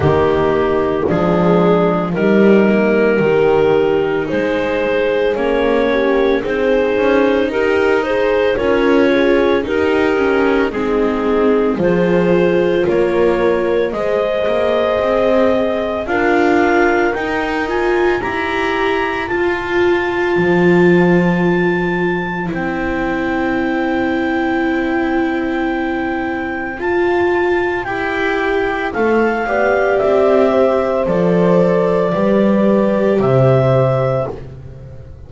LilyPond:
<<
  \new Staff \with { instrumentName = "clarinet" } { \time 4/4 \tempo 4 = 56 g'4 gis'4 ais'2 | c''4 cis''4 c''4 ais'8 c''8 | cis''4 ais'4 gis'4 c''4 | cis''4 dis''2 f''4 |
g''8 gis''8 ais''4 a''2~ | a''4 g''2.~ | g''4 a''4 g''4 f''4 | e''4 d''2 e''4 | }
  \new Staff \with { instrumentName = "horn" } { \time 4/4 dis'4 d'4 dis'4 g'4 | gis'4. g'8 gis'4 g'8 gis'8 | ais'8 gis'8 g'4 dis'4 gis'4 | ais'4 c''2 ais'4~ |
ais'4 c''2.~ | c''1~ | c''2.~ c''8 d''8~ | d''8 c''4. b'4 c''4 | }
  \new Staff \with { instrumentName = "viola" } { \time 4/4 ais4 gis4 g8 ais8 dis'4~ | dis'4 cis'4 dis'2 | f'4 dis'8 cis'8 c'4 f'4~ | f'4 gis'2 f'4 |
dis'8 f'8 g'4 f'2~ | f'4 e'2.~ | e'4 f'4 g'4 a'8 g'8~ | g'4 a'4 g'2 | }
  \new Staff \with { instrumentName = "double bass" } { \time 4/4 dis4 f4 g4 dis4 | gis4 ais4 c'8 cis'8 dis'4 | cis'4 dis'4 gis4 f4 | ais4 gis8 ais8 c'4 d'4 |
dis'4 e'4 f'4 f4~ | f4 c'2.~ | c'4 f'4 e'4 a8 b8 | c'4 f4 g4 c4 | }
>>